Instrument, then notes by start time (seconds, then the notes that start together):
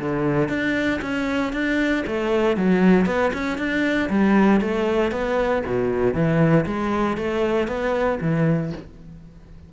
cello
0.00 D3
0.49 D4
1.02 C#4
1.53 D4
2.07 A3
2.57 F#3
3.06 B3
3.34 C#4
3.58 D4
4.10 G3
4.61 A3
5.12 B3
5.66 B2
6.14 E3
6.66 G#3
7.17 A3
7.68 B3
8.21 E3